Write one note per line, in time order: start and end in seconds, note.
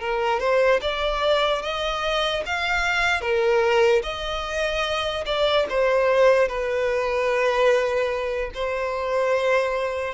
0.00 0.39 A#4
0.39 0.80 C5
0.81 1.62 D5
1.62 2.43 D#5
2.46 3.21 F5
3.21 4.02 A#4
4.03 5.24 D#5
5.26 5.66 D5
5.69 6.48 C5
6.48 8.51 B4
8.54 10.14 C5